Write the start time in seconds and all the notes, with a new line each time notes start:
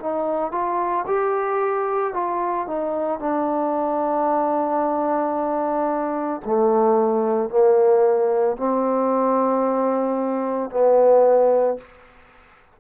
0.00 D#4
0.52 F4
1.07 G4
2.14 F4
2.67 D#4
3.19 D4
6.45 A3
7.50 A#3
8.57 C4
10.70 B3